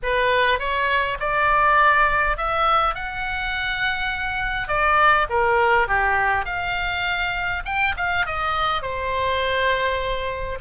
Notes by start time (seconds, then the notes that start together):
0.02 B4
0.59 C#5
1.19 D5
2.37 E5
2.94 F#5
4.68 D5
5.29 A#4
5.87 G4
6.45 F5
7.65 G5
7.96 F5
8.26 D#5
8.82 C5